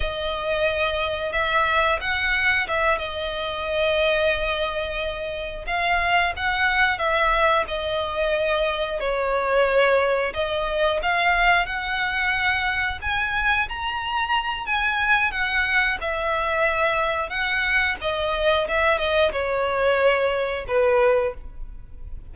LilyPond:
\new Staff \with { instrumentName = "violin" } { \time 4/4 \tempo 4 = 90 dis''2 e''4 fis''4 | e''8 dis''2.~ dis''8~ | dis''8 f''4 fis''4 e''4 dis''8~ | dis''4. cis''2 dis''8~ |
dis''8 f''4 fis''2 gis''8~ | gis''8 ais''4. gis''4 fis''4 | e''2 fis''4 dis''4 | e''8 dis''8 cis''2 b'4 | }